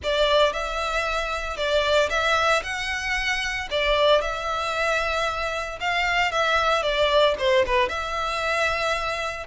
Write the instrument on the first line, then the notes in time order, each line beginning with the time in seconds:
violin
0.03 D5
0.53 E5
1.56 D5
2.09 E5
2.63 F#5
3.70 D5
4.21 E5
5.80 F5
6.31 E5
6.82 D5
7.39 C5
7.66 B4
7.88 E5